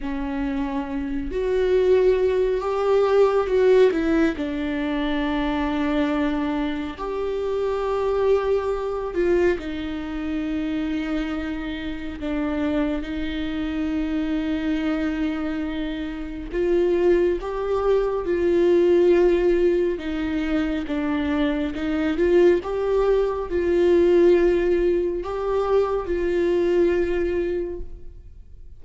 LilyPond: \new Staff \with { instrumentName = "viola" } { \time 4/4 \tempo 4 = 69 cis'4. fis'4. g'4 | fis'8 e'8 d'2. | g'2~ g'8 f'8 dis'4~ | dis'2 d'4 dis'4~ |
dis'2. f'4 | g'4 f'2 dis'4 | d'4 dis'8 f'8 g'4 f'4~ | f'4 g'4 f'2 | }